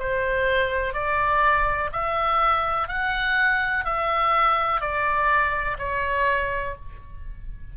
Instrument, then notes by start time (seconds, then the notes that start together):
oboe
0.00 C5
0.94 D5
1.93 E5
2.89 F#5
3.85 E5
4.81 D5
5.79 C#5